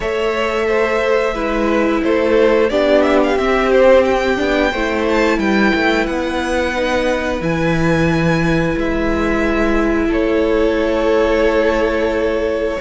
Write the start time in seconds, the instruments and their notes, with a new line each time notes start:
0.00 cello A3, viola A4, violin C#5 E5
0.67 violin C5
1.34 cello G#3, viola E4, violin B4
2.03 cello A3, violin A4 C5
2.69 cello B3, viola D4, violin G4 D5
3.02 violin E5
3.23 violin F5
3.36 cello C4, viola C4, violin E5
3.71 violin C5
4.04 violin G5
4.36 cello B3, viola D4
4.71 cello A3, viola E4, violin C5
5.09 violin A5
5.38 cello G3, violin B4 G5
5.74 cello A3
6.06 cello B3, violin F#5
6.75 viola D#4
7.40 cello E3, viola E4, violin G#5
8.75 cello G#3, violin E5
10.07 cello A3, violin A4 C#5